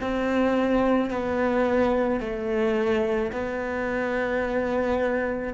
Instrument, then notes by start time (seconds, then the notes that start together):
cello
0.00 C4
1.10 B3
2.20 A3
3.32 B3